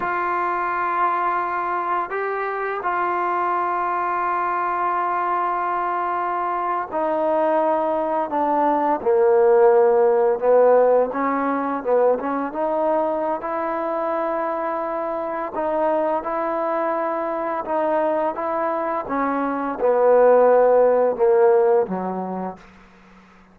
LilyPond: \new Staff \with { instrumentName = "trombone" } { \time 4/4 \tempo 4 = 85 f'2. g'4 | f'1~ | f'4.~ f'16 dis'2 d'16~ | d'8. ais2 b4 cis'16~ |
cis'8. b8 cis'8 dis'4~ dis'16 e'4~ | e'2 dis'4 e'4~ | e'4 dis'4 e'4 cis'4 | b2 ais4 fis4 | }